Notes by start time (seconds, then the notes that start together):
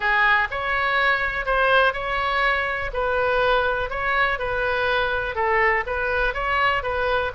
0.00 G#4
0.50 C#5
1.45 C5
1.93 C#5
2.93 B4
3.89 C#5
4.38 B4
5.35 A4
5.86 B4
6.34 C#5
6.82 B4